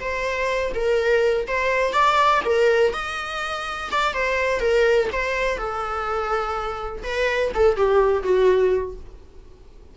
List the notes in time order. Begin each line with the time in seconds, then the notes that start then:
0.00 C5
0.74 A#4
1.48 C5
1.93 D5
2.45 A#4
2.93 D#5
3.91 D5
4.13 C5
4.60 A#4
5.13 C5
5.58 A4
7.03 B4
7.55 A4
7.76 G4
8.23 F#4